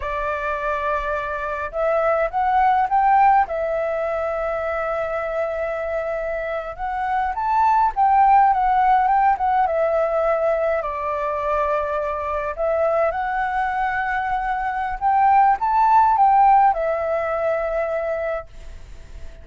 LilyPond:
\new Staff \with { instrumentName = "flute" } { \time 4/4 \tempo 4 = 104 d''2. e''4 | fis''4 g''4 e''2~ | e''2.~ e''8. fis''16~ | fis''8. a''4 g''4 fis''4 g''16~ |
g''16 fis''8 e''2 d''4~ d''16~ | d''4.~ d''16 e''4 fis''4~ fis''16~ | fis''2 g''4 a''4 | g''4 e''2. | }